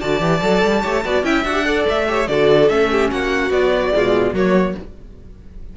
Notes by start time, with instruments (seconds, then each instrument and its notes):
0.00 cello D3, viola F#4, violin D5 A5
0.20 cello E3, viola G4
0.41 cello F#3, viola A4
0.64 cello G3
0.83 cello A3, viola G4, violin C#5
1.04 cello B3, viola F#4, violin D5
1.23 cello C#4, viola E4, violin E5 G5
1.44 cello D4, viola F#4, violin F#5
1.53 viola G4
1.65 viola A4, violin D5
1.89 cello A3, violin E5
2.08 viola G4, violin C#5
2.27 cello D3, viola F#4, violin A4 D5
2.69 cello A3, viola C#4, violin E5
2.92 violin G4
3.11 cello A#3, violin F#4 F#5
3.51 viola F#3, cello B3, violin D5
3.93 cello B2, viola G#3, violin F4
4.33 cello F#3, viola A#3, violin F#4 C#5